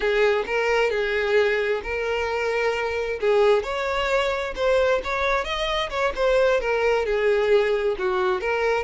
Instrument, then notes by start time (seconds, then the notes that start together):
violin
0.00 G#4
0.46 A#4
0.90 G#4
1.83 A#4
3.20 G#4
3.63 C#5
4.55 C5
5.04 C#5
5.44 D#5
5.90 C#5
6.15 C5
6.60 A#4
7.05 G#4
7.98 F#4
8.40 A#4